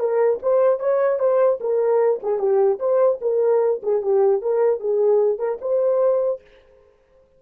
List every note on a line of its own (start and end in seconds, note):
0.00 0.40 A#4
0.43 0.80 C5
0.80 1.20 C#5
1.20 1.60 C5
1.61 2.21 A#4
2.23 2.39 G#4
2.39 2.79 G4
2.80 3.20 C5
3.22 3.82 A#4
3.83 4.02 G#4
4.02 4.42 G4
4.42 4.80 A#4
4.80 5.39 G#4
5.39 5.59 A#4
5.62 6.42 C5